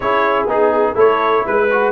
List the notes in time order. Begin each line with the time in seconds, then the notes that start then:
0.00 C#4 E4 G#4 C#5
0.46 B3 D#4 G#4
0.94 A3 E4 A4 C#5
1.46 G#3 B4
1.71 F#4